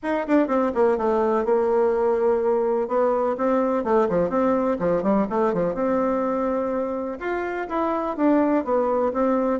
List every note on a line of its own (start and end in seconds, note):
0.02 0.26 D#4
0.27 0.47 D4
0.47 0.71 C4
0.74 0.97 A#3
0.97 1.44 A3
1.44 2.88 A#3
2.88 3.36 B3
3.37 3.84 C4
3.84 4.08 A3
4.09 4.29 F3
4.29 4.77 C4
4.79 5.02 F3
5.02 5.26 G3
5.29 5.53 A3
5.53 5.74 F3
5.74 7.18 C4
7.19 7.67 F4
7.68 8.16 E4
8.16 8.64 D4
8.64 9.12 B3
9.13 9.60 C4